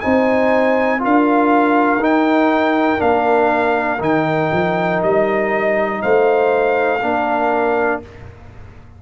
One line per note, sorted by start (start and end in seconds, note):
0.00 1.04 C4
0.00 0.99 D#4
0.00 1.01 C5
0.00 1.00 G#5
0.99 1.97 D4
0.99 1.99 F4
0.99 6.02 A#4
0.99 2.03 F5
1.97 2.97 D#4
2.03 3.01 G5
2.97 4.00 A#3
2.97 3.97 D4
2.97 4.01 F5
3.99 4.50 D#3
3.99 6.99 D#4
3.99 5.02 G5
4.52 5.02 F3
5.03 6.03 G3
5.03 6.01 D#5
6.01 7.01 A3
6.01 7.00 C5
6.01 8.01 F5
7.00 8.01 A#3
7.00 8.02 D4
7.00 8.00 A#4